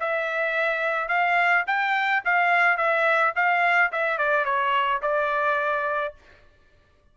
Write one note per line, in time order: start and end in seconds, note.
0.00 1.09 E5
1.09 1.65 F5
1.67 2.23 G5
2.25 2.77 F5
2.77 3.33 E5
3.36 3.92 F5
3.92 4.18 E5
4.18 4.45 D5
4.45 5.01 C#5
5.02 6.15 D5